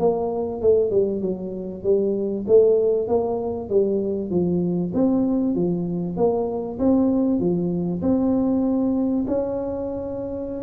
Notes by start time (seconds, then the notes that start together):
0.00 A#3
0.62 A3
0.91 G3
1.22 F#3
1.84 G3
2.48 A3
3.08 A#3
3.70 G3
4.31 F3
4.94 C4
5.55 F3
6.17 A#3
6.79 C4
7.40 F3
8.02 C4
9.28 C#4